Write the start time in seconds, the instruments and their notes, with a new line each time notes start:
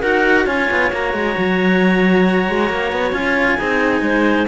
0.00 cello D#4 F#4, clarinet A#4 F#5
0.46 cello C#4 F4, clarinet C#5 G#5
0.71 cello B3
0.91 cello A#3 F#4, clarinet A#5
1.13 cello G#3
1.37 cello F#3
2.48 cello G#3
2.69 cello A#3
2.92 cello B3
3.12 cello C#4 F4, clarinet G#5
3.57 cello C4 D#4, clarinet G#4
4.01 cello G#3, clarinet C5